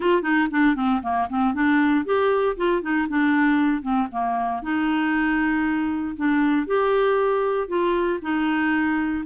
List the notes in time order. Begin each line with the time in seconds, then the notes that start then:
0.00 F4
0.22 D#4
0.50 D4
0.75 C4
1.02 A#3
1.29 C4
1.54 D4
2.05 G4
2.56 F4
2.82 D#4
3.08 D4
3.82 C4
4.11 A#3
4.62 D#4
6.16 D4
6.66 G4
7.68 F4
8.21 D#4